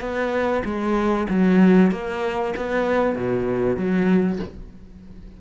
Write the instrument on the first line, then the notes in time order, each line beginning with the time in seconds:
cello
0.00 B3
0.64 G#3
1.29 F#3
1.91 A#3
2.56 B3
3.15 B2
3.76 F#3